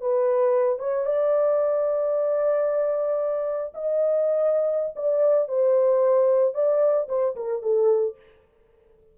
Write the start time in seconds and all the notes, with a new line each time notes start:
0.00 B4
0.79 C#5
1.05 D5
3.74 D#5
4.95 D5
5.48 C5
6.54 D5
7.08 C5
7.35 A#4
7.62 A4